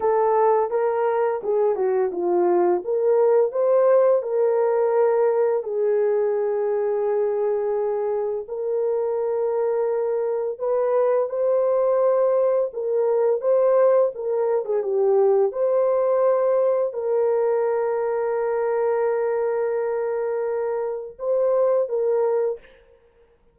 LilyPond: \new Staff \with { instrumentName = "horn" } { \time 4/4 \tempo 4 = 85 a'4 ais'4 gis'8 fis'8 f'4 | ais'4 c''4 ais'2 | gis'1 | ais'2. b'4 |
c''2 ais'4 c''4 | ais'8. gis'16 g'4 c''2 | ais'1~ | ais'2 c''4 ais'4 | }